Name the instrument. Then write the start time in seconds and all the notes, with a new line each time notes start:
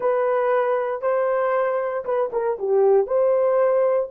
horn
0.00 B4
1.01 C5
2.04 B4
2.32 A#4
2.58 G4
3.07 C5